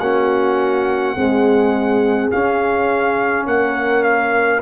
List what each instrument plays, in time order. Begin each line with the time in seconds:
0.00 tuba A#3, trombone C#4, horn F#4, trumpet F#5
1.16 trombone G#3, tuba C4, horn G#4
2.31 trombone C#4, tuba C#4, trumpet F5
3.46 tuba A#3, horn A#4, trumpet F#5
4.03 trumpet F5